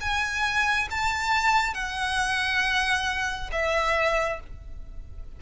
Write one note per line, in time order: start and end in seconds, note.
0.00 0.88 G#5
0.90 1.74 A5
1.74 3.50 F#5
3.51 4.40 E5